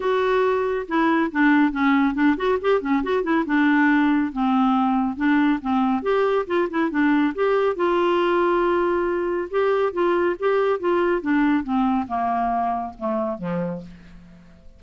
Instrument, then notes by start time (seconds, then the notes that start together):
clarinet
0.00 F#4
0.88 E4
1.31 D4
1.72 C#4
2.14 D4
2.36 F#4
2.61 G4
2.81 C#4
3.03 F#4
3.23 E4
3.46 D4
4.32 C4
5.16 D4
5.61 C4
6.02 G4
6.46 F4
6.69 E4
6.90 D4
7.35 G4
7.76 F4
9.50 G4
9.92 F4
10.39 G4
10.79 F4
11.21 D4
11.63 C4
12.07 A#3
12.98 A3
13.38 F3